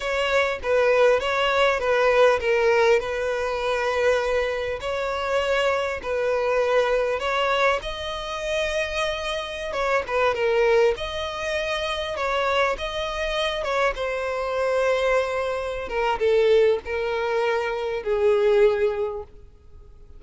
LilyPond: \new Staff \with { instrumentName = "violin" } { \time 4/4 \tempo 4 = 100 cis''4 b'4 cis''4 b'4 | ais'4 b'2. | cis''2 b'2 | cis''4 dis''2.~ |
dis''16 cis''8 b'8 ais'4 dis''4.~ dis''16~ | dis''16 cis''4 dis''4. cis''8 c''8.~ | c''2~ c''8 ais'8 a'4 | ais'2 gis'2 | }